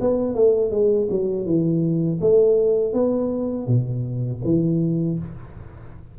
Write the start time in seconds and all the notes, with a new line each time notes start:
0.00 B3
0.34 A3
0.71 G#3
1.10 F#3
1.45 E3
2.20 A3
2.93 B3
3.67 B2
4.44 E3